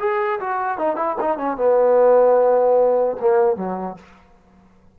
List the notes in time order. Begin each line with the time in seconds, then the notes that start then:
0.00 G#4
0.41 F#4
0.78 D#4
0.97 E4
1.21 D#4
1.38 C#4
1.57 B3
3.21 A#3
3.57 F#3